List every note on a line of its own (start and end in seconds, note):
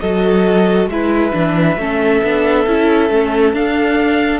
0.00 0.87 F#3
0.00 0.92 F#4
0.00 0.89 A4
0.00 0.88 D#5
0.87 1.31 G#3
0.87 1.32 E4
0.87 1.80 B4
0.87 3.53 E5
1.32 1.77 E3
1.32 1.76 D4
1.77 2.21 A3
1.77 2.23 C#4
1.77 4.40 A4
2.23 2.66 B3
2.23 2.67 D4
2.66 3.09 C#4
2.66 3.10 E4
3.09 3.53 A3
3.09 3.53 C#4
3.53 4.40 D4
3.53 4.40 F5